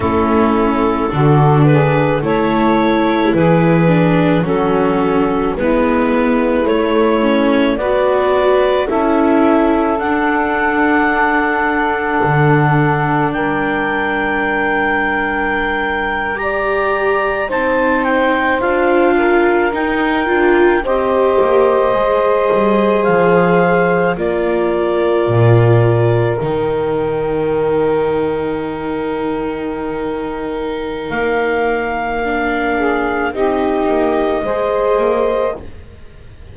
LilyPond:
<<
  \new Staff \with { instrumentName = "clarinet" } { \time 4/4 \tempo 4 = 54 a'4. b'8 cis''4 b'4 | a'4 b'4 cis''4 d''4 | e''4 fis''2. | g''2~ g''8. ais''4 a''16~ |
a''16 g''8 f''4 g''4 dis''4~ dis''16~ | dis''8. f''4 d''2 g''16~ | g''1 | f''2 dis''2 | }
  \new Staff \with { instrumentName = "saxophone" } { \time 4/4 e'4 fis'8 gis'8 a'4 gis'4 | fis'4 e'2 b'4 | a'1 | ais'2~ ais'8. d''4 c''16~ |
c''4~ c''16 ais'4. c''4~ c''16~ | c''4.~ c''16 ais'2~ ais'16~ | ais'1~ | ais'4. gis'8 g'4 c''4 | }
  \new Staff \with { instrumentName = "viola" } { \time 4/4 cis'4 d'4 e'4. d'8 | cis'4 b4 a8 cis'8 fis'4 | e'4 d'2.~ | d'2~ d'8. g'4 dis'16~ |
dis'8. f'4 dis'8 f'8 g'4 gis'16~ | gis'4.~ gis'16 f'2 dis'16~ | dis'1~ | dis'4 d'4 dis'4 gis'4 | }
  \new Staff \with { instrumentName = "double bass" } { \time 4/4 a4 d4 a4 e4 | fis4 gis4 a4 b4 | cis'4 d'2 d4 | g2.~ g8. c'16~ |
c'8. d'4 dis'8 d'8 c'8 ais8 gis16~ | gis16 g8 f4 ais4 ais,4 dis16~ | dis1 | ais2 c'8 ais8 gis8 ais8 | }
>>